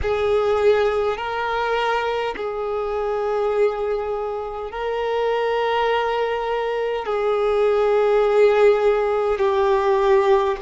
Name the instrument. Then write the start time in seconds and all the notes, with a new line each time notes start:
violin
0.02 G#4
1.17 A#4
2.36 G#4
4.71 A#4
7.05 G#4
9.39 G4